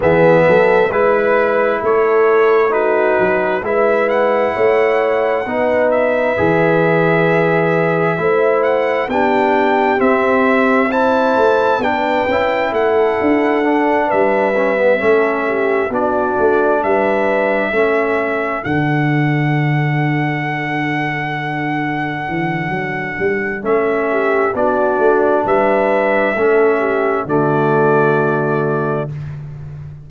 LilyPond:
<<
  \new Staff \with { instrumentName = "trumpet" } { \time 4/4 \tempo 4 = 66 e''4 b'4 cis''4 b'4 | e''8 fis''2 e''4.~ | e''4. fis''8 g''4 e''4 | a''4 g''4 fis''4. e''8~ |
e''4. d''4 e''4.~ | e''8 fis''2.~ fis''8~ | fis''2 e''4 d''4 | e''2 d''2 | }
  \new Staff \with { instrumentName = "horn" } { \time 4/4 gis'8 a'8 b'4 a'4 fis'4 | b'4 cis''4 b'2~ | b'4 c''4 g'2 | c''4 b'4 a'4. b'8~ |
b'8 a'8 g'8 fis'4 b'4 a'8~ | a'1~ | a'2~ a'8 g'8 fis'4 | b'4 a'8 g'8 fis'2 | }
  \new Staff \with { instrumentName = "trombone" } { \time 4/4 b4 e'2 dis'4 | e'2 dis'4 gis'4~ | gis'4 e'4 d'4 c'4 | e'4 d'8 e'4. d'4 |
cis'16 b16 cis'4 d'2 cis'8~ | cis'8 d'2.~ d'8~ | d'2 cis'4 d'4~ | d'4 cis'4 a2 | }
  \new Staff \with { instrumentName = "tuba" } { \time 4/4 e8 fis8 gis4 a4. fis8 | gis4 a4 b4 e4~ | e4 a4 b4 c'4~ | c'8 a8 b8 cis'8 a8 d'4 g8~ |
g8 a4 b8 a8 g4 a8~ | a8 d2.~ d8~ | d8 e8 fis8 g8 a4 b8 a8 | g4 a4 d2 | }
>>